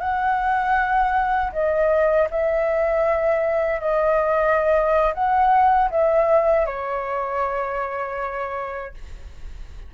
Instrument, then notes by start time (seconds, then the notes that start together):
flute
0.00 F#5
1.52 D#5
2.30 E5
3.80 D#5
5.14 F#5
5.90 E5
6.66 C#5